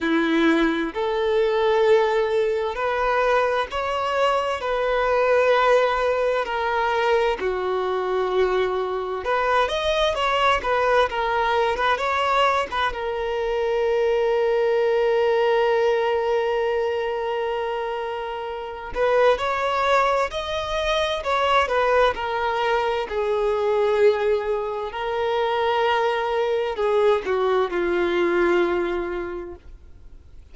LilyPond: \new Staff \with { instrumentName = "violin" } { \time 4/4 \tempo 4 = 65 e'4 a'2 b'4 | cis''4 b'2 ais'4 | fis'2 b'8 dis''8 cis''8 b'8 | ais'8. b'16 cis''8. b'16 ais'2~ |
ais'1~ | ais'8 b'8 cis''4 dis''4 cis''8 b'8 | ais'4 gis'2 ais'4~ | ais'4 gis'8 fis'8 f'2 | }